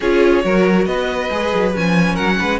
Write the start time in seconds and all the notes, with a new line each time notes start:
0.00 C#4 F4 G#4 C#5
0.43 F#3 F#4 A#4
0.85 B3 B4 D#5
1.30 G#3 G#4
1.54 F#3
1.74 F3 C#4 G#5
2.13 F#3 A#4 F#5
2.38 G#3 B4